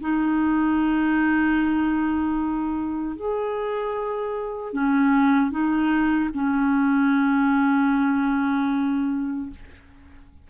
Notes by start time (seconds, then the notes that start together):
0.00 D#4
3.16 G#4
4.73 C#4
5.50 D#4
6.34 C#4